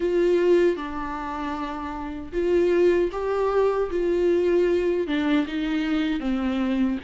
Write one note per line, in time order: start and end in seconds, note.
0.00 0.76 F4
0.76 2.32 D4
2.32 3.10 F4
3.12 3.90 G4
3.90 5.06 F4
5.06 5.45 D4
5.47 6.19 D#4
6.19 6.97 C4